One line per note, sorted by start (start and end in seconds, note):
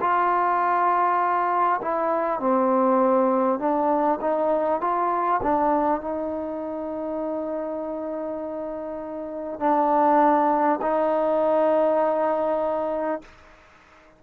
0.00 1.80 F4
1.81 2.39 E4
2.39 3.59 C4
3.59 4.19 D4
4.20 4.80 D#4
4.81 5.41 F4
5.42 6.01 D4
6.01 9.59 D#4
9.59 10.79 D4
10.81 13.21 D#4